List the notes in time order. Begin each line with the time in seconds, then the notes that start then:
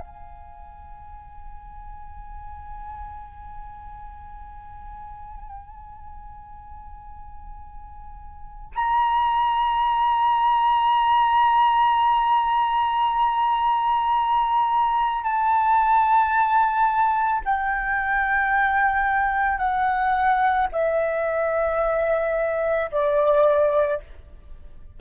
0.00 G#5
8.75 A#5
15.24 A5
17.45 G5
19.58 F#5
20.72 E5
22.91 D5